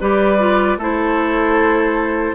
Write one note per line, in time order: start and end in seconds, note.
0.00 0.77 G3
0.00 0.38 G4
0.00 0.78 B4
0.00 0.79 D5
0.38 0.78 F4
0.77 2.35 A3
0.77 2.35 E4
0.77 2.35 A4
0.77 2.35 C5